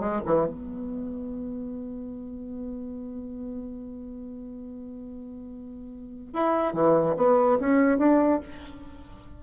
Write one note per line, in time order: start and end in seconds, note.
0.00 0.21 G#3
0.26 0.46 E3
0.46 6.34 B3
6.34 6.74 E4
6.74 7.16 E3
7.17 7.59 B3
7.60 7.99 C#4
7.99 8.41 D4